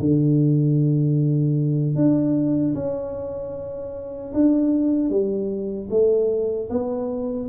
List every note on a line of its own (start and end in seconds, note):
0.00 1.96 D3
1.96 2.75 D4
2.75 4.33 C#4
4.34 5.10 D4
5.10 5.89 G3
5.91 6.70 A3
6.70 7.49 B3